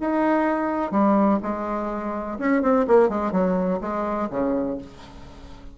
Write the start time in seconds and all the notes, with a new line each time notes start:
0.00 D#4
0.91 G3
1.42 G#3
2.38 C#4
2.62 C4
2.87 A#3
3.09 G#3
3.32 F#3
3.81 G#3
4.30 C#3